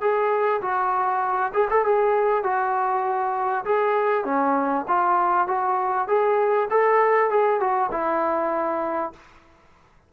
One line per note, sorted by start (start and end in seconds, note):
0.00 0.61 G#4
0.61 1.52 F#4
1.53 1.68 G#4
1.70 1.85 A4
1.85 2.43 G#4
2.43 3.64 F#4
3.65 4.24 G#4
4.24 4.85 C#4
4.88 5.47 F4
5.47 6.07 F#4
6.07 6.68 G#4
6.70 7.30 A4
7.30 7.60 G#4
7.60 7.90 F#4
7.91 9.12 E4